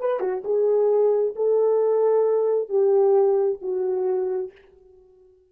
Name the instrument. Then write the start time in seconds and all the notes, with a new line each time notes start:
horn
0.00 B4
0.20 F#4
0.44 G#4
1.36 A4
2.69 G4
3.61 F#4